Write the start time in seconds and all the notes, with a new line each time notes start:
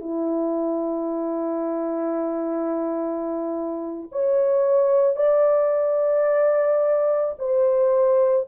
0.00 E4
4.12 C#5
5.16 D5
7.38 C5